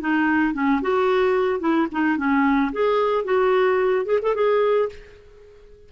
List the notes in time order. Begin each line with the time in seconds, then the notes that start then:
0.00 D#4
0.53 C#4
0.81 F#4
1.59 E4
1.91 D#4
2.17 C#4
2.72 G#4
3.24 F#4
4.05 G#4
4.22 A4
4.34 G#4